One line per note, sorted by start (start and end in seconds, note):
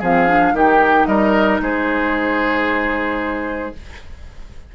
0.00 0.53 F3
0.00 0.28 C4
0.00 0.53 G#4
0.00 0.58 F5
0.28 0.54 D4
0.53 1.06 D#3
0.53 3.73 D#4
0.53 1.08 G4
0.53 1.07 G5
1.07 1.61 G3
1.07 1.61 A#4
1.07 1.60 D#5
1.61 3.74 G#3
1.61 3.76 G#4
1.61 3.76 C5